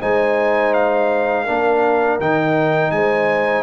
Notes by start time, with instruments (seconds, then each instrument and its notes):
0.00 tuba G#3, trombone D#4, horn C5, trumpet G#5
0.73 trumpet F5
1.44 tuba A#3, trombone D4, horn A#4
2.20 tuba D#3, trombone D#4, trumpet G5
2.91 tuba G#3, horn C5, trumpet G#5